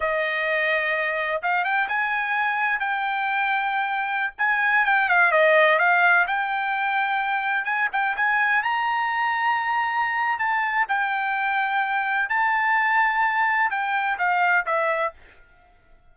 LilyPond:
\new Staff \with { instrumentName = "trumpet" } { \time 4/4 \tempo 4 = 127 dis''2. f''8 g''8 | gis''2 g''2~ | g''4~ g''16 gis''4 g''8 f''8 dis''8.~ | dis''16 f''4 g''2~ g''8.~ |
g''16 gis''8 g''8 gis''4 ais''4.~ ais''16~ | ais''2 a''4 g''4~ | g''2 a''2~ | a''4 g''4 f''4 e''4 | }